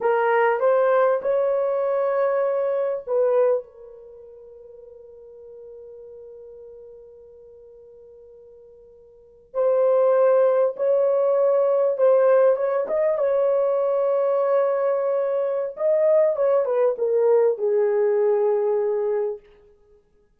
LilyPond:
\new Staff \with { instrumentName = "horn" } { \time 4/4 \tempo 4 = 99 ais'4 c''4 cis''2~ | cis''4 b'4 ais'2~ | ais'1~ | ais'2.~ ais'8. c''16~ |
c''4.~ c''16 cis''2 c''16~ | c''8. cis''8 dis''8 cis''2~ cis''16~ | cis''2 dis''4 cis''8 b'8 | ais'4 gis'2. | }